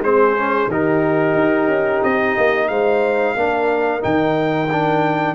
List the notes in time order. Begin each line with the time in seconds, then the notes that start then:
0.00 G#3 C4 G#4 C5
0.37 C#4
0.68 D#3 D#4 G4 A#4
1.35 D#4
1.68 C#4
2.04 C4 D#5
2.38 A#3
2.68 G#3 C5 F5
3.37 A#3 D4 A#4
4.01 D#3 D#4 G5
4.72 D4